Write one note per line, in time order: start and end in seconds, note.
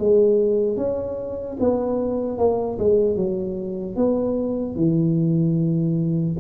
0.00 0.77 G#3
0.77 1.57 C#4
1.60 2.39 B3
2.39 2.79 A#3
2.79 3.16 G#3
3.16 3.96 F#3
3.97 4.76 B3
4.76 6.36 E3